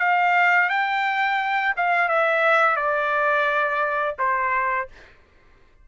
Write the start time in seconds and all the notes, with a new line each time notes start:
0.00 F5
0.70 G5
1.77 F5
2.09 E5
2.77 D5
4.19 C5